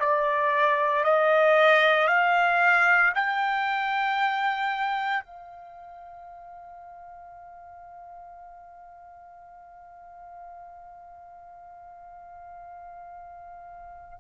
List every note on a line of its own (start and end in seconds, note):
0.00 1.04 D5
1.04 2.08 D#5
2.08 3.13 F5
3.15 5.24 G5
5.24 14.19 F5